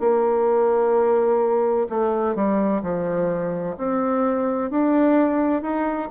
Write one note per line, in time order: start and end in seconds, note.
0.00 1.87 A#3
1.89 2.35 A3
2.35 2.82 G3
2.82 3.76 F3
3.77 4.70 C4
4.70 5.62 D4
5.62 6.09 D#4